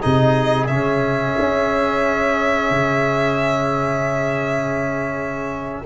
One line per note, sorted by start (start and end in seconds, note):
0.00 0.69 C3
0.00 0.68 D#4
0.00 5.83 G#4
0.00 0.68 D#5
0.68 1.36 C#3
0.68 5.86 C#4
0.68 5.85 E5
1.39 2.71 C#4
2.71 5.86 C#3